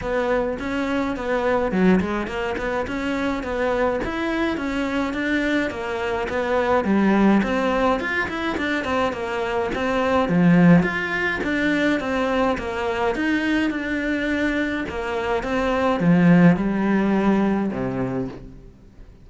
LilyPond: \new Staff \with { instrumentName = "cello" } { \time 4/4 \tempo 4 = 105 b4 cis'4 b4 fis8 gis8 | ais8 b8 cis'4 b4 e'4 | cis'4 d'4 ais4 b4 | g4 c'4 f'8 e'8 d'8 c'8 |
ais4 c'4 f4 f'4 | d'4 c'4 ais4 dis'4 | d'2 ais4 c'4 | f4 g2 c4 | }